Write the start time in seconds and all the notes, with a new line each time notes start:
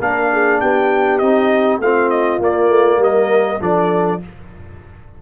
0.00 A#3 D4 A#4 F5
0.33 G#4
0.61 B3 G4 G5
1.19 C4 D#4 D#5
1.79 A3 C4 F4 F5
2.10 D#5
2.40 A#3 D5
2.69 A3
2.98 G3 A#4 D#5
3.61 F3 D4 A4 D5